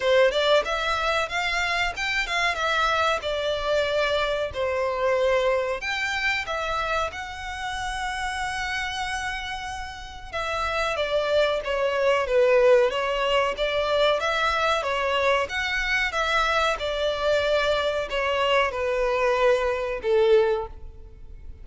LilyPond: \new Staff \with { instrumentName = "violin" } { \time 4/4 \tempo 4 = 93 c''8 d''8 e''4 f''4 g''8 f''8 | e''4 d''2 c''4~ | c''4 g''4 e''4 fis''4~ | fis''1 |
e''4 d''4 cis''4 b'4 | cis''4 d''4 e''4 cis''4 | fis''4 e''4 d''2 | cis''4 b'2 a'4 | }